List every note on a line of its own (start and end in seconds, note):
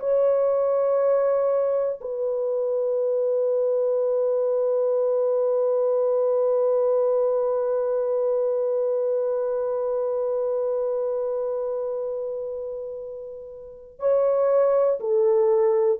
0.00 2.00 C#5
2.01 14.00 B4
14.00 15.00 C#5
15.00 16.00 A4